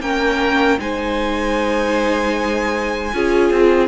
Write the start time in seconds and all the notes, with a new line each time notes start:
0.00 A#3 C#4 A#4 G5
0.79 G#3 D#4 C5 G#5
3.14 C#4 F4 G#4
3.51 C4